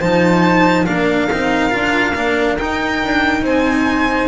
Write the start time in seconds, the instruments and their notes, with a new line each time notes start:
0.00 double bass F3, cello D#4, flute C5, violin A5
0.86 double bass A#3, cello D4, flute A#4, violin F5
1.32 double bass C4, cello D#4
1.71 double bass D4, cello F4
2.16 double bass A#3, cello D4
2.59 cello D#4, double bass D#4, violin G5
3.05 double bass D4
3.42 double bass C4, flute C5, violin G#5